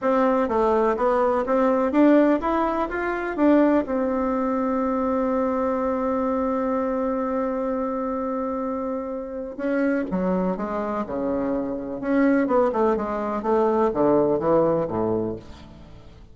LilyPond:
\new Staff \with { instrumentName = "bassoon" } { \time 4/4 \tempo 4 = 125 c'4 a4 b4 c'4 | d'4 e'4 f'4 d'4 | c'1~ | c'1~ |
c'1 | cis'4 fis4 gis4 cis4~ | cis4 cis'4 b8 a8 gis4 | a4 d4 e4 a,4 | }